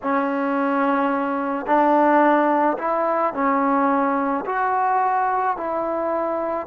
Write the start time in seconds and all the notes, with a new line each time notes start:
0.02 C#4
1.66 D4
2.78 E4
3.33 C#4
4.45 F#4
5.57 E4